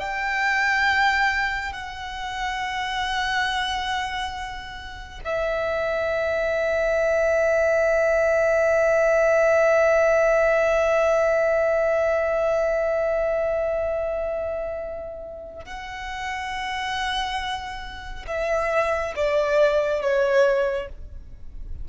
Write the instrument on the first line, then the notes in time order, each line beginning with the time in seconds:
violin
0.00 G5
1.73 F#5
5.25 E5
15.65 F#5
18.28 E5
19.16 D5
20.02 C#5